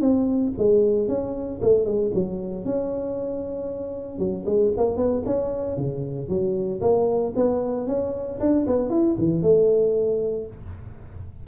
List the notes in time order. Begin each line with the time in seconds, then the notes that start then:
0.00 C4
0.58 G#3
1.08 C#4
1.62 A3
1.85 G#3
2.14 F#3
2.65 C#4
4.18 F#3
4.45 G#3
4.76 A#3
4.96 B3
5.25 C#4
5.77 C#3
6.28 F#3
6.81 A#3
7.36 B3
7.87 C#4
8.40 D4
8.66 B3
8.89 E4
9.18 E3
9.42 A3